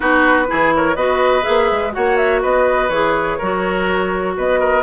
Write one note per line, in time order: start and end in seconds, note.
0.00 0.49 B3
0.00 0.45 D#4
0.00 0.46 F#4
0.00 0.71 B4
0.47 0.95 E3
0.47 0.95 E4
0.47 0.74 G#4
0.75 0.95 A#4
0.75 0.95 C#5
0.95 1.44 B3
0.95 1.42 F#4
0.95 1.92 B4
0.95 1.43 D#5
1.42 1.90 G#4
1.42 1.92 E5
1.48 1.71 A#3
1.71 1.95 G#3
1.92 2.44 A#3
1.92 2.89 F#4
1.92 2.41 C#5
1.92 2.17 F#5
2.17 2.41 E5
2.41 2.89 B3
2.41 3.38 B4
2.41 2.89 D#5
2.89 3.37 E3
2.89 3.40 G#4
2.89 4.34 C#5
3.38 4.37 F#3
3.38 4.83 F#4
3.38 4.34 A#4
4.37 4.83 B3
4.37 4.59 B4
4.37 4.83 D#5
4.59 4.83 A#4